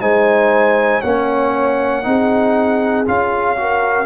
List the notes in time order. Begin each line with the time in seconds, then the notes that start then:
0.00 G#3 D#4 C5 G#5
1.01 A#3 C#4 C#5 F#5
2.03 C4 D#4 G#4
3.05 C#4 F4 F5
3.57 F#4 A#4